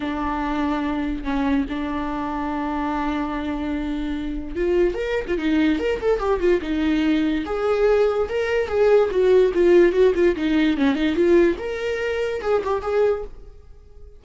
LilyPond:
\new Staff \with { instrumentName = "viola" } { \time 4/4 \tempo 4 = 145 d'2. cis'4 | d'1~ | d'2. f'4 | ais'8. f'16 dis'4 ais'8 a'8 g'8 f'8 |
dis'2 gis'2 | ais'4 gis'4 fis'4 f'4 | fis'8 f'8 dis'4 cis'8 dis'8 f'4 | ais'2 gis'8 g'8 gis'4 | }